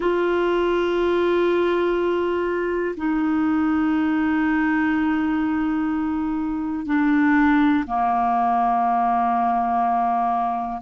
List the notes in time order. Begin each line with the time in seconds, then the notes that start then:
0.00 F4
2.96 D#4
6.86 D4
7.86 A#3